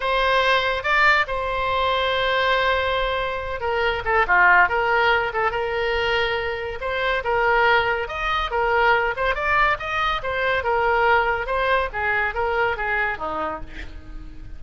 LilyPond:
\new Staff \with { instrumentName = "oboe" } { \time 4/4 \tempo 4 = 141 c''2 d''4 c''4~ | c''1~ | c''8 ais'4 a'8 f'4 ais'4~ | ais'8 a'8 ais'2. |
c''4 ais'2 dis''4 | ais'4. c''8 d''4 dis''4 | c''4 ais'2 c''4 | gis'4 ais'4 gis'4 dis'4 | }